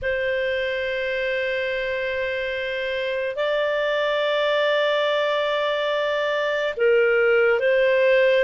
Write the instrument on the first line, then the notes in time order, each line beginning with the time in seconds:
clarinet
0.02 C5
3.36 D5
6.76 A#4
7.59 C5